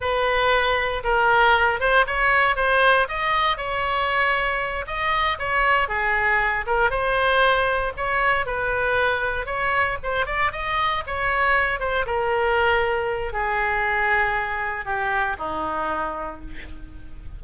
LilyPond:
\new Staff \with { instrumentName = "oboe" } { \time 4/4 \tempo 4 = 117 b'2 ais'4. c''8 | cis''4 c''4 dis''4 cis''4~ | cis''4. dis''4 cis''4 gis'8~ | gis'4 ais'8 c''2 cis''8~ |
cis''8 b'2 cis''4 c''8 | d''8 dis''4 cis''4. c''8 ais'8~ | ais'2 gis'2~ | gis'4 g'4 dis'2 | }